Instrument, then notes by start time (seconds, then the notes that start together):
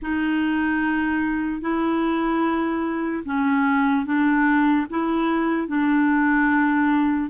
clarinet
0.02 D#4
1.61 E4
3.25 C#4
4.05 D4
4.89 E4
5.68 D4